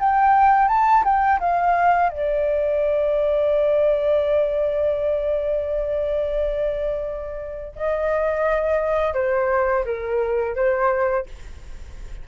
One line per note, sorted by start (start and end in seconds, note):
0.00 0.69 G5
0.69 1.04 A5
1.05 1.40 G5
1.41 2.10 F5
2.10 7.75 D5
7.76 9.14 D#5
9.14 9.85 C5
9.86 10.56 A#4
10.56 11.27 C5